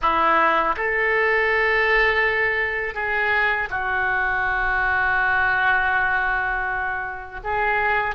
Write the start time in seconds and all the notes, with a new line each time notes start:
0.01 E4
0.76 A4
2.94 G#4
3.70 F#4
7.43 G#4